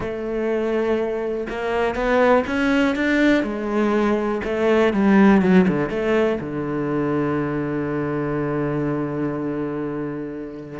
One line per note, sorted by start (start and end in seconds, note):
0.00 1.47 A3
1.49 1.95 A#3
1.95 2.44 B3
2.46 2.95 C#4
2.95 3.43 D4
3.43 4.41 G#3
4.44 4.93 A3
4.93 5.41 G3
5.41 5.66 F#3
5.68 5.89 D3
5.89 6.38 A3
6.40 10.79 D3